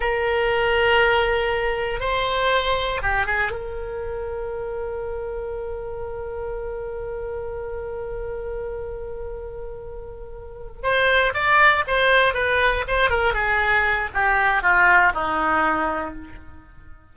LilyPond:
\new Staff \with { instrumentName = "oboe" } { \time 4/4 \tempo 4 = 119 ais'1 | c''2 g'8 gis'8 ais'4~ | ais'1~ | ais'1~ |
ais'1~ | ais'4. c''4 d''4 c''8~ | c''8 b'4 c''8 ais'8 gis'4. | g'4 f'4 dis'2 | }